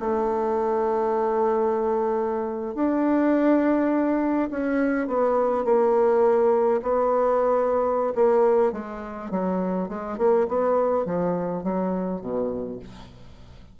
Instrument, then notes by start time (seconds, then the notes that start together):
bassoon
0.00 A3
2.75 D4
4.51 C#4
5.08 B3
5.65 A#3
6.83 B3
8.15 A#3
8.72 G#3
9.31 F#3
9.89 G#3
10.18 A#3
10.49 B3
11.06 F3
11.63 F#3
12.21 B2